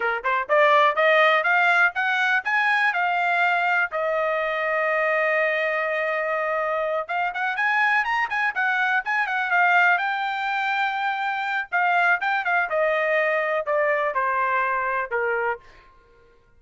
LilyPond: \new Staff \with { instrumentName = "trumpet" } { \time 4/4 \tempo 4 = 123 ais'8 c''8 d''4 dis''4 f''4 | fis''4 gis''4 f''2 | dis''1~ | dis''2~ dis''8 f''8 fis''8 gis''8~ |
gis''8 ais''8 gis''8 fis''4 gis''8 fis''8 f''8~ | f''8 g''2.~ g''8 | f''4 g''8 f''8 dis''2 | d''4 c''2 ais'4 | }